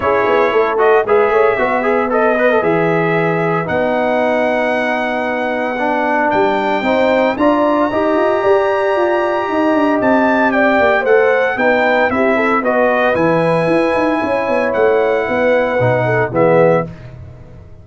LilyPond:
<<
  \new Staff \with { instrumentName = "trumpet" } { \time 4/4 \tempo 4 = 114 cis''4. dis''8 e''2 | dis''4 e''2 fis''4~ | fis''1 | g''2 ais''2~ |
ais''2. a''4 | g''4 fis''4 g''4 e''4 | dis''4 gis''2. | fis''2. e''4 | }
  \new Staff \with { instrumentName = "horn" } { \time 4/4 gis'4 a'4 b'8 cis''8 b'4~ | b'1~ | b'1~ | b'4 c''4 d''4 dis''4 |
d''2 dis''2 | d''4 c''4 b'4 g'8 a'8 | b'2. cis''4~ | cis''4 b'4. a'8 gis'4 | }
  \new Staff \with { instrumentName = "trombone" } { \time 4/4 e'4. fis'8 gis'4 fis'8 gis'8 | a'8 b'16 a'16 gis'2 dis'4~ | dis'2. d'4~ | d'4 dis'4 f'4 g'4~ |
g'1~ | g'4 a'4 dis'4 e'4 | fis'4 e'2.~ | e'2 dis'4 b4 | }
  \new Staff \with { instrumentName = "tuba" } { \time 4/4 cis'8 b8 a4 gis8 a8 b4~ | b4 e2 b4~ | b1 | g4 c'4 d'4 dis'8 f'8 |
g'4 f'4 dis'8 d'8 c'4~ | c'8 ais8 a4 b4 c'4 | b4 e4 e'8 dis'8 cis'8 b8 | a4 b4 b,4 e4 | }
>>